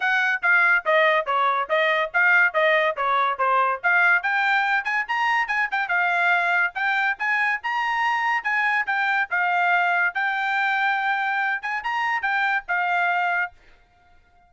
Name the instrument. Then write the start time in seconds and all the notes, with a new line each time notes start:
trumpet
0.00 F#5
0.42 F5
0.85 D#5
1.26 C#5
1.69 D#5
2.13 F5
2.53 D#5
2.96 C#5
3.38 C5
3.83 F5
4.23 G5
4.84 G#5
5.08 A#5
5.47 G#5
5.71 G5
5.88 F5
6.75 G5
7.18 G#5
7.63 A#5
8.43 G#5
8.86 G5
9.30 F5
10.14 G5
11.62 G#5
11.83 A#5
12.22 G5
12.68 F5